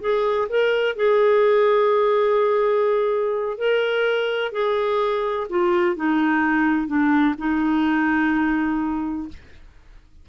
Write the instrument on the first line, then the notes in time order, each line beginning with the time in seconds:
clarinet
0.00 G#4
0.49 A#4
0.96 G#4
3.58 A#4
4.52 G#4
5.49 F4
5.96 D#4
6.87 D4
7.37 D#4